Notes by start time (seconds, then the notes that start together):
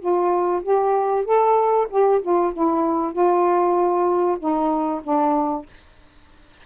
0.00 F4
0.63 G4
1.25 A4
1.91 G4
2.22 F4
2.54 E4
3.13 F4
4.39 D#4
5.04 D4